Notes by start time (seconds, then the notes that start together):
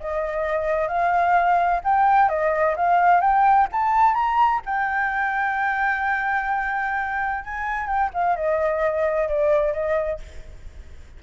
0.00 D#5
0.88 F5
1.84 G5
2.29 D#5
2.76 F5
3.21 G5
3.72 A5
4.14 A#5
4.66 G5
7.45 G#5
7.87 G5
8.14 F5
8.36 D#5
9.29 D5
9.73 D#5